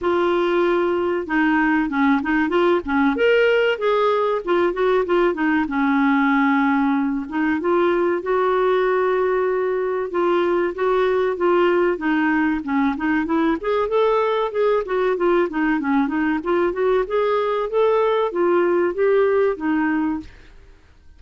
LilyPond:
\new Staff \with { instrumentName = "clarinet" } { \time 4/4 \tempo 4 = 95 f'2 dis'4 cis'8 dis'8 | f'8 cis'8 ais'4 gis'4 f'8 fis'8 | f'8 dis'8 cis'2~ cis'8 dis'8 | f'4 fis'2. |
f'4 fis'4 f'4 dis'4 | cis'8 dis'8 e'8 gis'8 a'4 gis'8 fis'8 | f'8 dis'8 cis'8 dis'8 f'8 fis'8 gis'4 | a'4 f'4 g'4 dis'4 | }